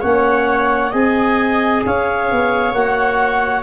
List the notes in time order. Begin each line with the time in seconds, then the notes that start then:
0.00 A#3 C#4 C#5 F#5
0.91 C4 G#4 D#5 G#5
1.85 C#4 C#5 F5
2.31 B3
2.73 A#3 F#4 F#5